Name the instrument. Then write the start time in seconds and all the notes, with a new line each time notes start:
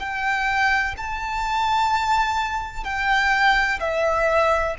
violin
0.00 G5
0.97 A5
2.84 G5
3.80 E5